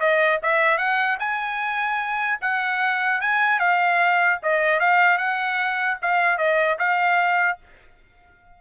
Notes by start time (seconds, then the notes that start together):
0.00 D#5
0.43 E5
0.78 F#5
1.20 G#5
2.41 F#5
3.21 G#5
3.60 F5
4.43 D#5
4.80 F5
5.18 F#5
6.02 F5
6.38 D#5
6.79 F5